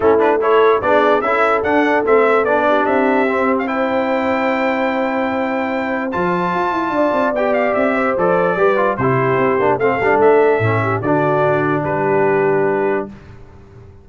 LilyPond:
<<
  \new Staff \with { instrumentName = "trumpet" } { \time 4/4 \tempo 4 = 147 a'8 b'8 cis''4 d''4 e''4 | fis''4 e''4 d''4 e''4~ | e''8. f''16 g''2.~ | g''2. a''4~ |
a''2 g''8 f''8 e''4 | d''2 c''2 | f''4 e''2 d''4~ | d''4 b'2. | }
  \new Staff \with { instrumentName = "horn" } { \time 4/4 e'4 a'4 gis'4 a'4~ | a'2~ a'8 g'4.~ | g'4 c''2.~ | c''1~ |
c''4 d''2~ d''8 c''8~ | c''4 b'4 g'2 | a'2~ a'8 g'8 fis'4~ | fis'4 g'2. | }
  \new Staff \with { instrumentName = "trombone" } { \time 4/4 cis'8 d'8 e'4 d'4 e'4 | d'4 c'4 d'2 | c'4 e'2.~ | e'2. f'4~ |
f'2 g'2 | a'4 g'8 f'8 e'4. d'8 | c'8 d'4. cis'4 d'4~ | d'1 | }
  \new Staff \with { instrumentName = "tuba" } { \time 4/4 a2 b4 cis'4 | d'4 a4 b4 c'4~ | c'1~ | c'2. f4 |
f'8 e'8 d'8 c'8 b4 c'4 | f4 g4 c4 c'8 ais8 | a8 g8 a4 a,4 d4~ | d4 g2. | }
>>